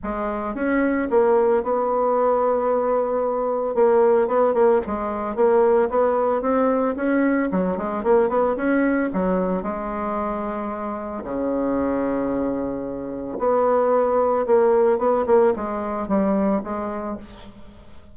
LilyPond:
\new Staff \with { instrumentName = "bassoon" } { \time 4/4 \tempo 4 = 112 gis4 cis'4 ais4 b4~ | b2. ais4 | b8 ais8 gis4 ais4 b4 | c'4 cis'4 fis8 gis8 ais8 b8 |
cis'4 fis4 gis2~ | gis4 cis2.~ | cis4 b2 ais4 | b8 ais8 gis4 g4 gis4 | }